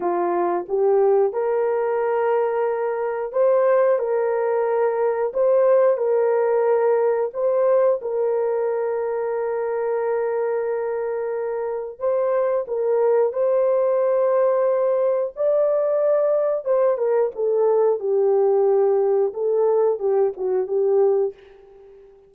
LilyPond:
\new Staff \with { instrumentName = "horn" } { \time 4/4 \tempo 4 = 90 f'4 g'4 ais'2~ | ais'4 c''4 ais'2 | c''4 ais'2 c''4 | ais'1~ |
ais'2 c''4 ais'4 | c''2. d''4~ | d''4 c''8 ais'8 a'4 g'4~ | g'4 a'4 g'8 fis'8 g'4 | }